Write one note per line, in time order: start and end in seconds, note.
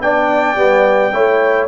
0.00 0.55 B3
0.00 0.56 D4
0.00 1.14 D5
0.00 1.67 G5
0.55 1.11 G3
0.55 1.12 B3
1.12 1.67 A3
1.12 1.67 E4
1.12 1.67 C#5